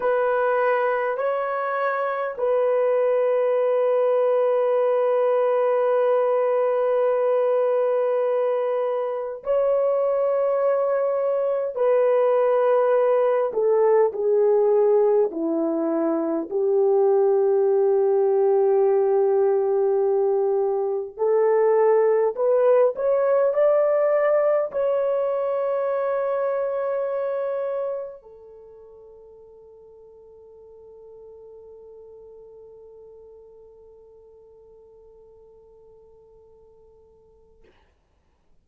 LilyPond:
\new Staff \with { instrumentName = "horn" } { \time 4/4 \tempo 4 = 51 b'4 cis''4 b'2~ | b'1 | cis''2 b'4. a'8 | gis'4 e'4 g'2~ |
g'2 a'4 b'8 cis''8 | d''4 cis''2. | a'1~ | a'1 | }